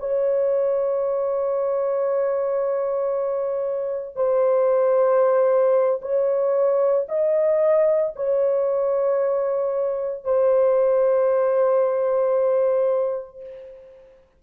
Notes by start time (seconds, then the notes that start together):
0.00 C#5
4.16 C5
6.02 C#5
7.09 D#5
8.16 C#5
10.24 C5